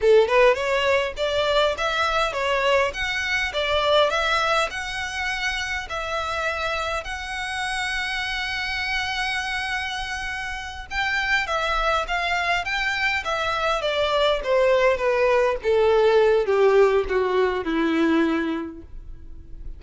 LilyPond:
\new Staff \with { instrumentName = "violin" } { \time 4/4 \tempo 4 = 102 a'8 b'8 cis''4 d''4 e''4 | cis''4 fis''4 d''4 e''4 | fis''2 e''2 | fis''1~ |
fis''2~ fis''8 g''4 e''8~ | e''8 f''4 g''4 e''4 d''8~ | d''8 c''4 b'4 a'4. | g'4 fis'4 e'2 | }